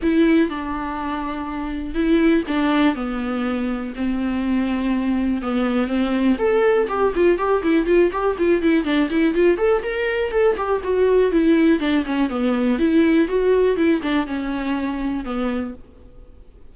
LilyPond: \new Staff \with { instrumentName = "viola" } { \time 4/4 \tempo 4 = 122 e'4 d'2. | e'4 d'4 b2 | c'2. b4 | c'4 a'4 g'8 f'8 g'8 e'8 |
f'8 g'8 f'8 e'8 d'8 e'8 f'8 a'8 | ais'4 a'8 g'8 fis'4 e'4 | d'8 cis'8 b4 e'4 fis'4 | e'8 d'8 cis'2 b4 | }